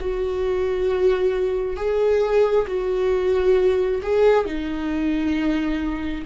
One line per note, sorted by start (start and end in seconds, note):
0.00 1.76 F#4
1.76 2.65 G#4
2.67 4.01 F#4
4.02 4.45 G#4
4.45 6.24 D#4